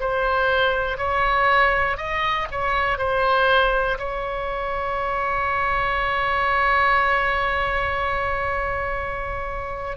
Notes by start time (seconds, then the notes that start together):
0.00 C5
0.98 C#5
1.98 D#5
2.51 C#5
2.99 C5
3.99 C#5